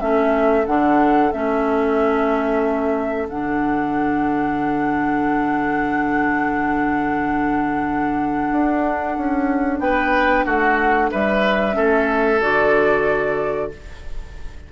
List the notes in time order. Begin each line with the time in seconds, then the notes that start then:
0.00 A3 C#4 A4 E5
0.67 D3 D4 F#5
1.32 A3 C#4 E5
3.28 D3 D4 F#5
8.52 D4
9.18 C#4
9.80 B3 B4 G5
10.45 A3 F#4 F#5
11.11 G3 B4 E5
11.73 A3 C#4 A4
12.41 D3 F#4 D5